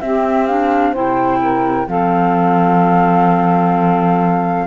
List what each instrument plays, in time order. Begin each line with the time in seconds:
0.00 cello C4, clarinet C4, saxophone G4, flute E5
0.47 clarinet D4, flute F5
0.91 cello C3, clarinet E4, saxophone C5, flute G5
1.41 saxophone A#4
1.87 cello F3, clarinet C4, saxophone A4, flute F5